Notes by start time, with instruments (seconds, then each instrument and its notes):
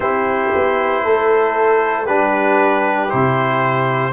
0.00 tuba C4, trombone E4, horn G4, trumpet C5
0.55 tuba B3
1.04 tuba A3, horn A4
2.06 tuba G3, trombone D4, horn G4, trumpet B4
3.08 tuba C3, trombone E4, trumpet C5